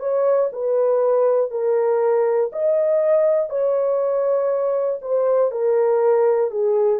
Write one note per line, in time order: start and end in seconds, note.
0.00 0.50 C#5
0.52 1.51 B4
1.51 2.51 A#4
2.52 3.50 D#5
3.50 5.00 C#5
5.01 5.51 C5
5.51 6.50 A#4
6.50 7.00 G#4